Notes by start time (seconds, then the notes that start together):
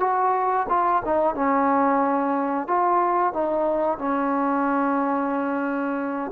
0.00 F#4
0.69 F4
1.05 D#4
1.35 C#4
2.68 F4
3.34 D#4
3.98 C#4